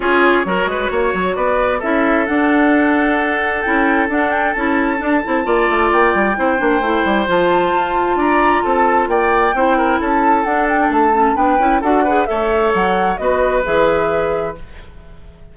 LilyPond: <<
  \new Staff \with { instrumentName = "flute" } { \time 4/4 \tempo 4 = 132 cis''2. d''4 | e''4 fis''2. | g''4 fis''8 g''8 a''2~ | a''4 g''2. |
a''2 ais''4 a''4 | g''2 a''4 fis''8 g''8 | a''4 g''4 fis''4 e''4 | fis''4 dis''4 e''2 | }
  \new Staff \with { instrumentName = "oboe" } { \time 4/4 gis'4 ais'8 b'8 cis''4 b'4 | a'1~ | a'1 | d''2 c''2~ |
c''2 d''4 a'4 | d''4 c''8 ais'8 a'2~ | a'4 b'4 a'8 b'8 cis''4~ | cis''4 b'2. | }
  \new Staff \with { instrumentName = "clarinet" } { \time 4/4 f'4 fis'2. | e'4 d'2. | e'4 d'4 e'4 d'8 e'8 | f'2 e'8 d'8 e'4 |
f'1~ | f'4 e'2 d'4~ | d'8 cis'8 d'8 e'8 fis'8 gis'8 a'4~ | a'4 fis'4 gis'2 | }
  \new Staff \with { instrumentName = "bassoon" } { \time 4/4 cis'4 fis8 gis8 ais8 fis8 b4 | cis'4 d'2. | cis'4 d'4 cis'4 d'8 c'8 | ais8 a8 ais8 g8 c'8 ais8 a8 g8 |
f4 f'4 d'4 c'4 | ais4 c'4 cis'4 d'4 | a4 b8 cis'8 d'4 a4 | fis4 b4 e2 | }
>>